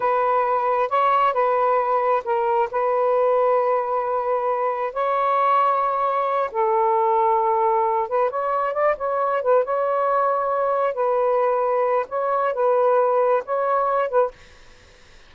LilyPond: \new Staff \with { instrumentName = "saxophone" } { \time 4/4 \tempo 4 = 134 b'2 cis''4 b'4~ | b'4 ais'4 b'2~ | b'2. cis''4~ | cis''2~ cis''8 a'4.~ |
a'2 b'8 cis''4 d''8 | cis''4 b'8 cis''2~ cis''8~ | cis''8 b'2~ b'8 cis''4 | b'2 cis''4. b'8 | }